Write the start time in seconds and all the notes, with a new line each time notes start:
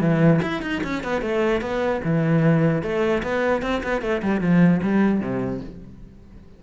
0.00 E3
0.42 E4
0.62 D#4
0.83 C#4
1.03 B3
1.21 A3
1.61 B3
2.03 E3
2.82 A3
3.22 B3
3.61 C4
3.83 B3
4.01 A3
4.22 G3
4.40 F3
4.83 G3
5.20 C3